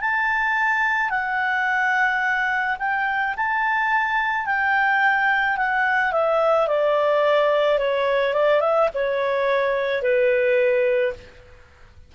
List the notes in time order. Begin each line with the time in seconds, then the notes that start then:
0.00 A5
1.10 F#5
2.79 G5
3.36 A5
4.45 G5
5.57 F#5
6.12 E5
6.67 D5
7.78 C#5
8.33 D5
8.60 E5
8.94 C#5
10.02 B4